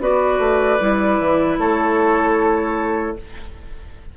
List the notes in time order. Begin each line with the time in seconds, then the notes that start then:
0.00 B3 F#4 B4 D5
0.39 A3
0.80 G3 E4
1.19 E3
1.59 A3 A4 C#5